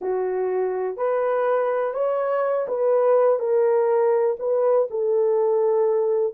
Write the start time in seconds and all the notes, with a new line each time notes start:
0.01 F#4
0.96 B4
1.93 C#5
2.68 B4
3.39 A#4
4.39 B4
4.90 A4